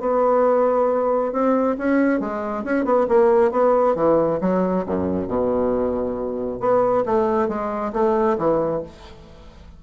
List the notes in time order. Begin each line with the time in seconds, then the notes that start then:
0.00 B3
1.33 C4
1.78 C#4
2.20 G#3
2.64 C#4
2.85 B3
3.09 A#3
3.51 B3
3.96 E3
4.41 F#3
4.86 F#2
5.28 B2
6.60 B3
7.06 A3
7.48 G#3
7.93 A3
8.38 E3